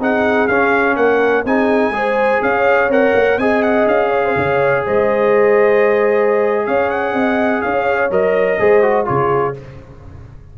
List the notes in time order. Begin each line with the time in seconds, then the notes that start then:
0.00 C4 D#4 G#4 F#5
0.47 C#4 F5
0.96 A#3 A#4 F#5
1.45 C4 D#4 G#4 G#5
1.91 G#3 G#4 C5
2.42 C#4 C#5 F5
2.88 C4 A#4 F#5
3.15 A#3
3.37 C4 G#4 D#5 G#5
3.63 F#5
3.87 C#4 F5
4.10 C#5
4.24 C5
4.36 C#3 C#5
4.85 G#3 C5 D#5
6.66 C#4 C#5 F5
6.90 F#5
7.13 C4 D#5
7.61 C#4 C#5 F5
8.10 F#3 A#4 D#5
8.59 G#3 G#4 C5
8.83 F#4
9.05 C#3 F4 G#4 C#5